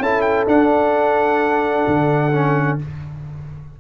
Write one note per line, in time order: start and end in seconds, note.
0.00 0.46 C#4
0.00 0.47 E4
0.00 2.80 A4
0.00 0.22 A5
0.22 0.45 G5
0.47 1.85 D4
0.47 2.32 D4
0.47 2.79 F#5
1.88 2.80 D3
2.33 2.79 C#4